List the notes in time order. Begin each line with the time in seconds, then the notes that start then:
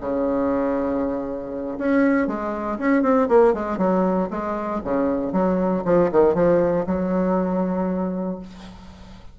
0.00 C#3
1.78 C#4
2.27 G#3
2.78 C#4
3.02 C4
3.28 A#3
3.53 G#3
3.78 F#3
4.30 G#3
4.84 C#3
5.32 F#3
5.85 F3
6.11 D#3
6.34 F3
6.86 F#3